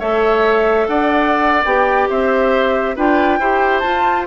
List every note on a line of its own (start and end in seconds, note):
0.00 0.88 A3
0.00 1.64 A4
0.00 0.88 C#5
0.00 0.88 E5
0.88 1.64 D4
0.88 2.10 D5
0.88 1.64 F#5
1.65 2.09 B3
1.65 2.97 G4
1.65 2.09 G5
2.10 2.97 C4
2.10 2.96 C5
2.10 2.98 E5
2.96 3.40 D4
2.96 3.41 F4
2.96 3.40 B4
2.96 3.80 G5
3.40 3.83 E4
3.40 3.84 G4
3.40 4.27 C5
3.80 4.27 F4
3.80 4.24 A5